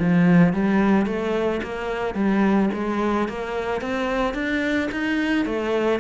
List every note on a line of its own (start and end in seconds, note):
0.00 0.54 F3
0.54 1.06 G3
1.06 1.61 A3
1.63 2.15 A#3
2.15 2.70 G3
2.74 3.29 G#3
3.29 3.82 A#3
3.82 4.35 C4
4.35 4.90 D4
4.92 5.46 D#4
5.46 6.00 A3